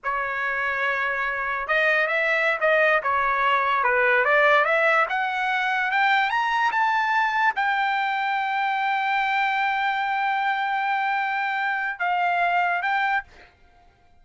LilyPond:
\new Staff \with { instrumentName = "trumpet" } { \time 4/4 \tempo 4 = 145 cis''1 | dis''4 e''4~ e''16 dis''4 cis''8.~ | cis''4~ cis''16 b'4 d''4 e''8.~ | e''16 fis''2 g''4 ais''8.~ |
ais''16 a''2 g''4.~ g''16~ | g''1~ | g''1~ | g''4 f''2 g''4 | }